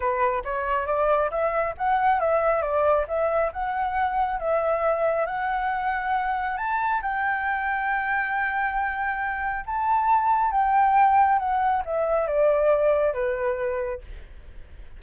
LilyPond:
\new Staff \with { instrumentName = "flute" } { \time 4/4 \tempo 4 = 137 b'4 cis''4 d''4 e''4 | fis''4 e''4 d''4 e''4 | fis''2 e''2 | fis''2. a''4 |
g''1~ | g''2 a''2 | g''2 fis''4 e''4 | d''2 b'2 | }